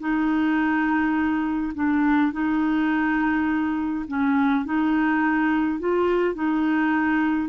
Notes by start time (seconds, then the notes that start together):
0.00 D#4
1.75 D4
2.33 D#4
4.08 C#4
4.65 D#4
5.80 F4
6.35 D#4